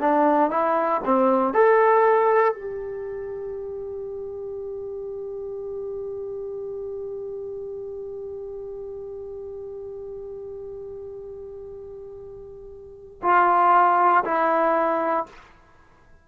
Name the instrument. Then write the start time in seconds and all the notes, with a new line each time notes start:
trombone
0.00 D4
0.50 E4
1.04 C4
1.53 A4
2.53 G4
13.22 F4
14.24 E4